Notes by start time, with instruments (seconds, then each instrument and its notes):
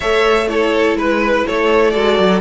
0.00 cello A3, viola A4, violin C#5 E5
0.48 viola E4, violin A4 C#5
0.95 cello G#3, violin B4
1.46 cello A3, violin A4 C#5
1.90 cello G#3, viola F#4, violin D5
2.18 cello F#3